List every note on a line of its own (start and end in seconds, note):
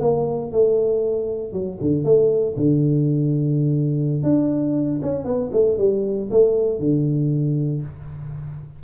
0.00 0.51 A#3
0.51 1.52 A3
1.52 1.78 F#3
1.81 2.04 D3
2.04 2.55 A3
2.56 4.23 D3
4.23 5.00 D4
5.02 5.24 C#4
5.24 5.50 B3
5.52 5.77 A3
5.78 6.29 G3
6.30 6.79 A3
6.79 7.82 D3